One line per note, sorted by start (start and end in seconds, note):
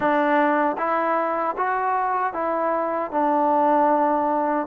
0.00 0.76 D4
0.77 1.55 E4
1.57 2.33 F#4
2.33 3.11 E4
3.11 4.66 D4